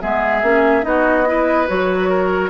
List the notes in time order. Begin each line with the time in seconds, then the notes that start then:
0.00 G#3 B3 G#4 E5
0.42 A#3 C#4
0.82 B3 D#4 F#4 D#5
1.26 E4 B4
1.67 F#3 F#4 C#5
2.09 A#4